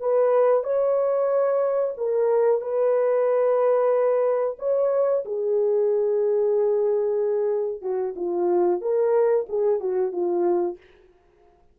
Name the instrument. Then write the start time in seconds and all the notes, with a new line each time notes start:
horn
0.00 B4
0.63 C#5
1.97 A#4
2.61 B4
4.59 C#5
5.25 G#4
7.82 F#4
8.16 F4
8.81 A#4
9.49 G#4
9.80 F#4
10.12 F4